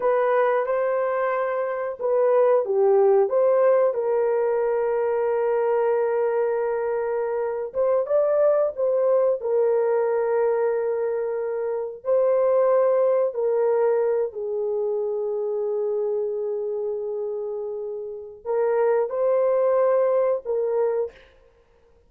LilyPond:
\new Staff \with { instrumentName = "horn" } { \time 4/4 \tempo 4 = 91 b'4 c''2 b'4 | g'4 c''4 ais'2~ | ais'2.~ ais'8. c''16~ | c''16 d''4 c''4 ais'4.~ ais'16~ |
ais'2~ ais'16 c''4.~ c''16~ | c''16 ais'4. gis'2~ gis'16~ | gis'1 | ais'4 c''2 ais'4 | }